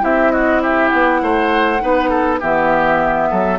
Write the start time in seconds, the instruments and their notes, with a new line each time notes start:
0.00 bassoon C4, clarinet E4, oboe G4, flute E5
0.31 oboe F#4, flute D#5
0.62 oboe G4, flute E5
0.88 bassoon B3, flute F#5
1.22 bassoon A3, oboe C5
1.80 bassoon B3, clarinet D#4, oboe B4
2.09 oboe A4
2.39 bassoon E3, clarinet B3, oboe G4, flute E5
3.30 bassoon F#3, oboe A4